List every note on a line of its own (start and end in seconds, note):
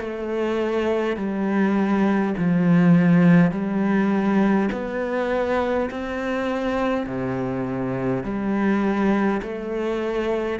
0.00 1.17 A3
1.17 2.34 G3
2.38 3.51 F3
3.51 4.69 G3
4.72 5.90 B3
5.90 7.06 C4
7.06 8.24 C3
8.24 9.41 G3
9.43 10.60 A3